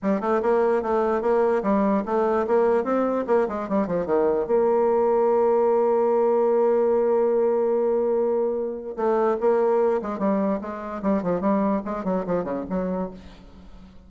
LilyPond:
\new Staff \with { instrumentName = "bassoon" } { \time 4/4 \tempo 4 = 147 g8 a8 ais4 a4 ais4 | g4 a4 ais4 c'4 | ais8 gis8 g8 f8 dis4 ais4~ | ais1~ |
ais1~ | ais2 a4 ais4~ | ais8 gis8 g4 gis4 g8 f8 | g4 gis8 fis8 f8 cis8 fis4 | }